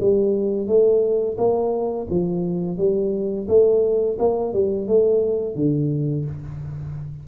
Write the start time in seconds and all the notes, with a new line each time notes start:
0.00 G3
0.67 A3
1.37 A#3
2.10 F3
2.77 G3
3.48 A3
4.19 A#3
4.53 G3
4.87 A3
5.55 D3